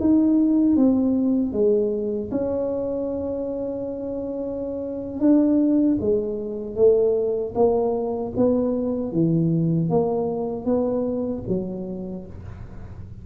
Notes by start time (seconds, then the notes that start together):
0.00 D#4
0.77 C4
1.53 G#3
2.31 C#4
5.20 D4
6.01 G#3
6.76 A3
7.55 A#3
8.37 B3
9.12 E3
9.90 A#3
10.65 B3
11.48 F#3